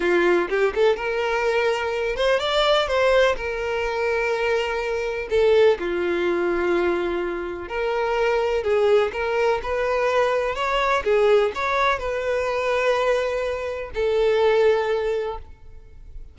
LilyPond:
\new Staff \with { instrumentName = "violin" } { \time 4/4 \tempo 4 = 125 f'4 g'8 a'8 ais'2~ | ais'8 c''8 d''4 c''4 ais'4~ | ais'2. a'4 | f'1 |
ais'2 gis'4 ais'4 | b'2 cis''4 gis'4 | cis''4 b'2.~ | b'4 a'2. | }